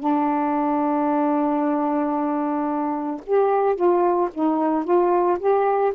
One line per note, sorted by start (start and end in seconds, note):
0.00 3.21 D4
3.27 3.76 G4
3.76 4.30 F4
4.34 4.85 D#4
4.85 5.38 F4
5.40 5.93 G4